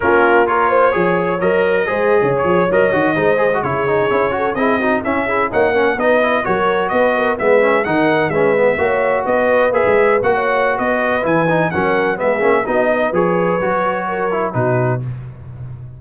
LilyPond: <<
  \new Staff \with { instrumentName = "trumpet" } { \time 4/4 \tempo 4 = 128 ais'4 cis''2 dis''4~ | dis''4 cis''8. dis''2 cis''16~ | cis''4.~ cis''16 dis''4 e''4 fis''16~ | fis''8. dis''4 cis''4 dis''4 e''16~ |
e''8. fis''4 e''2 dis''16~ | dis''8. e''4 fis''4~ fis''16 dis''4 | gis''4 fis''4 e''4 dis''4 | cis''2. b'4 | }
  \new Staff \with { instrumentName = "horn" } { \time 4/4 f'4 ais'8 c''8 cis''2 | c''8. cis''2 c''4 gis'16~ | gis'4~ gis'16 a'8 gis'8 fis'8 e'8 gis'8 cis''16~ | cis''16 ais'8 b'4 ais'4 b'8 ais'8 b'16~ |
b'8. ais'4 b'4 cis''4 b'16~ | b'2 cis''4 b'4~ | b'4 ais'4 gis'4 fis'8 b'8~ | b'2 ais'4 fis'4 | }
  \new Staff \with { instrumentName = "trombone" } { \time 4/4 cis'4 f'4 gis'4 ais'4 | gis'4.~ gis'16 ais'8 fis'8 dis'8 gis'16 fis'16 e'16~ | e'16 dis'8 e'8 fis'8 e'8 dis'8 cis'8 e'8 dis'16~ | dis'16 cis'8 dis'8 e'8 fis'2 b16~ |
b16 cis'8 dis'4 cis'8 b8 fis'4~ fis'16~ | fis'8. gis'4 fis'2~ fis'16 | e'8 dis'8 cis'4 b8 cis'8 dis'4 | gis'4 fis'4. e'8 dis'4 | }
  \new Staff \with { instrumentName = "tuba" } { \time 4/4 ais2 f4 fis4 | gis8. cis8 f8 fis8 dis8 gis4 cis16~ | cis8. cis'4 c'4 cis'4 ais16~ | ais8. b4 fis4 b4 gis16~ |
gis8. dis4 gis4 ais4 b16~ | b8. ais16 gis8. ais4~ ais16 b4 | e4 fis4 gis8 ais8 b4 | f4 fis2 b,4 | }
>>